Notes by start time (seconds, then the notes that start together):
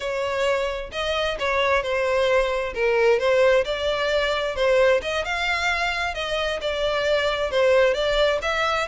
0.00 C#5
0.92 D#5
1.39 C#5
1.82 C5
2.74 A#4
3.19 C5
3.64 D5
4.55 C5
5.02 D#5
5.24 F5
6.14 D#5
6.61 D5
7.50 C5
7.93 D5
8.42 E5